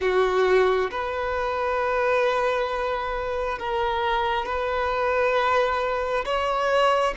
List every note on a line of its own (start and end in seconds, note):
0.00 0.90 F#4
0.90 3.58 B4
3.58 4.45 A#4
4.45 6.24 B4
6.24 7.14 C#5